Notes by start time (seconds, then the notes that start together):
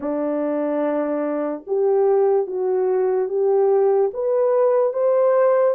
0.00 D4
1.66 G4
2.46 F#4
3.29 G4
4.13 B4
4.93 C5